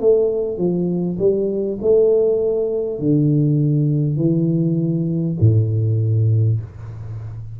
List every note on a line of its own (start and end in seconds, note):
0.00 0.57 A3
0.57 1.17 F3
1.18 1.78 G3
1.82 2.99 A3
2.99 4.17 D3
4.17 5.37 E3
5.40 6.60 A2